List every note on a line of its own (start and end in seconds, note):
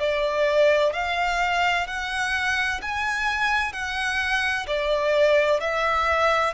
0.00 0.93 D5
0.93 1.87 F5
1.87 2.81 F#5
2.82 3.73 G#5
3.73 4.67 F#5
4.67 5.61 D5
5.61 6.54 E5